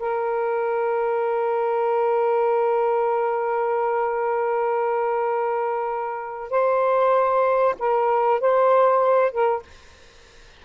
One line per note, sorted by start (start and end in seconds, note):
0.00 6.51 A#4
6.51 7.76 C5
7.79 8.41 A#4
8.41 9.32 C5
9.32 9.63 A#4